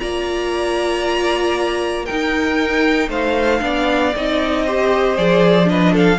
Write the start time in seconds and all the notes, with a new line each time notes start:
0.00 A#3 F4 D5 A#5
2.06 D#4 A#4 G5
3.09 A3 C5 F5
3.61 B3 D4 D5
4.16 C4 D#4 D#5
4.66 G4 C5
5.17 F3 G#4 D5
5.65 D4 B4 D#5
5.93 A4 F5